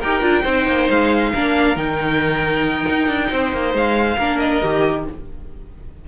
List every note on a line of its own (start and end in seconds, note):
0.00 0.22 D#4
0.00 0.22 G4
0.00 0.43 A#4
0.00 0.89 G5
0.22 0.44 D4
0.22 0.44 F4
0.43 0.67 C4
0.43 1.35 D#4
0.43 1.30 C5
0.67 0.89 A#3
0.90 1.33 G#3
0.90 1.77 F5
1.34 1.76 A#3
1.34 1.77 D4
1.34 3.31 A#4
1.76 2.86 D#3
1.76 4.18 D#4
1.76 3.74 G5
2.89 3.08 D#4
3.08 3.30 D4
3.32 3.53 C4
3.32 4.18 C5
3.53 3.74 A#3
3.74 4.18 G#3
3.74 4.39 F5
4.18 4.62 A#3
4.18 4.62 D4
4.18 5.06 A#4
4.39 5.05 D#5
4.62 5.08 D#3
4.62 5.06 G4